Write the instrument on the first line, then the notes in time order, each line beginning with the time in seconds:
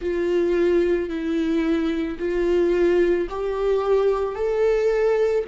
viola
0.00 F4
1.09 E4
2.18 F4
3.29 G4
4.35 A4